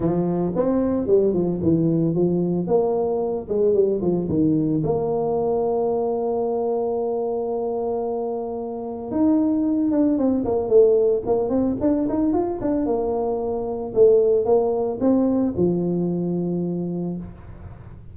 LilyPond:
\new Staff \with { instrumentName = "tuba" } { \time 4/4 \tempo 4 = 112 f4 c'4 g8 f8 e4 | f4 ais4. gis8 g8 f8 | dis4 ais2.~ | ais1~ |
ais4 dis'4. d'8 c'8 ais8 | a4 ais8 c'8 d'8 dis'8 f'8 d'8 | ais2 a4 ais4 | c'4 f2. | }